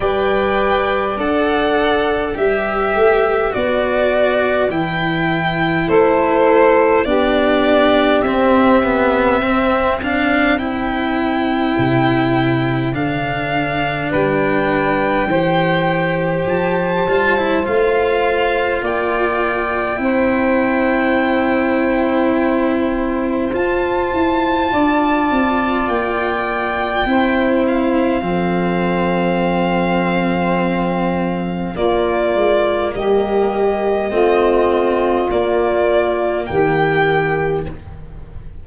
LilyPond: <<
  \new Staff \with { instrumentName = "violin" } { \time 4/4 \tempo 4 = 51 g''4 fis''4 e''4 d''4 | g''4 c''4 d''4 e''4~ | e''8 f''8 g''2 f''4 | g''2 a''4 f''4 |
g''1 | a''2 g''4. f''8~ | f''2. d''4 | dis''2 d''4 g''4 | }
  \new Staff \with { instrumentName = "saxophone" } { \time 4/4 d''2 b'2~ | b'4 a'4 g'2 | c''1 | b'4 c''2. |
d''4 c''2.~ | c''4 d''2 c''4 | a'2. f'4 | g'4 f'2 g'4 | }
  \new Staff \with { instrumentName = "cello" } { \time 4/4 b'4 a'4 g'4 fis'4 | e'2 d'4 c'8 b8 | c'8 d'8 e'2 d'4~ | d'4 g'4. f'16 e'16 f'4~ |
f'4 e'2. | f'2. e'4 | c'2. ais4~ | ais4 c'4 ais2 | }
  \new Staff \with { instrumentName = "tuba" } { \time 4/4 g4 d'4 g8 a8 b4 | e4 a4 b4 c'4~ | c'2 c4 d4 | g4 e4 f8 g8 a4 |
ais4 c'2. | f'8 e'8 d'8 c'8 ais4 c'4 | f2. ais8 gis8 | g4 a4 ais4 dis4 | }
>>